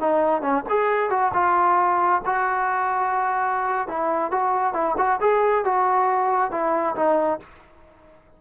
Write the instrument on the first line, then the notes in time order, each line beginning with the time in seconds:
trombone
0.00 D#4
0.42 C#4
0.70 G#4
1.10 F#4
1.34 F4
2.26 F#4
3.88 E4
4.32 F#4
4.74 E4
4.98 F#4
5.21 G#4
5.65 F#4
6.51 E4
6.96 D#4